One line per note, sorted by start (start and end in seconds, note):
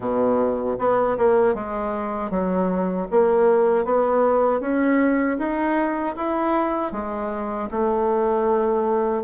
0.00 0.77 B2
0.78 1.17 B3
1.17 1.54 A#3
1.54 2.30 G#3
2.30 3.07 F#3
3.10 3.84 A#3
3.84 4.60 B3
4.60 5.37 C#4
5.38 6.15 D#4
6.16 6.92 E4
6.92 7.69 G#3
7.70 9.23 A3